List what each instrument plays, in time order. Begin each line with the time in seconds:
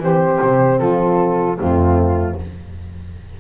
0.00 double bass E3, horn C4, saxophone G4, flute C5
0.42 double bass C3
0.78 double bass F3, saxophone F4, flute A4
1.57 double bass F2, horn A3, saxophone C4, flute F4